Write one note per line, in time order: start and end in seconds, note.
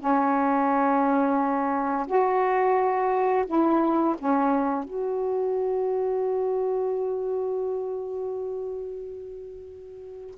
0.00 2.07 C#4
2.07 3.45 F#4
3.47 4.16 E4
4.19 4.84 C#4
4.84 10.36 F#4